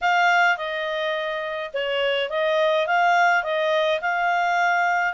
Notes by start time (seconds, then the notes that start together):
0.01 F5
0.57 D#5
1.73 C#5
2.29 D#5
2.86 F5
3.43 D#5
4.01 F5